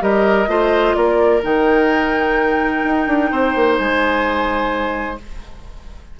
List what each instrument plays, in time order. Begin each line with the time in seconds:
0.00 bassoon G3, clarinet G4, oboe A#4, flute D#5
0.47 bassoon A3, clarinet F4, oboe C5
0.95 bassoon A#3, oboe A#4, flute D5
1.42 bassoon D#3, clarinet D#4, flute G5
2.84 bassoon D#4
3.07 bassoon D4
3.31 bassoon C4, oboe C5
3.55 bassoon A#3
3.77 bassoon G#3, flute G#5